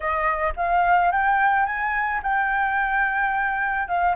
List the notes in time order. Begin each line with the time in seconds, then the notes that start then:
0.00 D#5
0.56 F5
1.11 G5
1.65 G#5
2.22 G5
3.87 F5